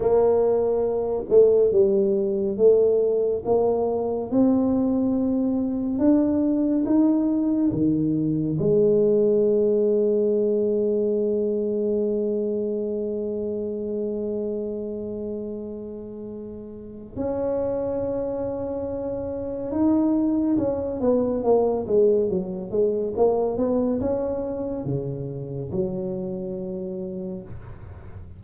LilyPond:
\new Staff \with { instrumentName = "tuba" } { \time 4/4 \tempo 4 = 70 ais4. a8 g4 a4 | ais4 c'2 d'4 | dis'4 dis4 gis2~ | gis1~ |
gis1 | cis'2. dis'4 | cis'8 b8 ais8 gis8 fis8 gis8 ais8 b8 | cis'4 cis4 fis2 | }